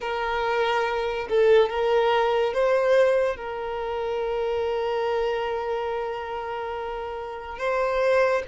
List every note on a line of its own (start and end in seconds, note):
0.00 1.27 A#4
1.29 1.69 A4
1.69 2.53 A#4
2.53 3.36 C5
3.36 7.58 A#4
7.58 8.42 C5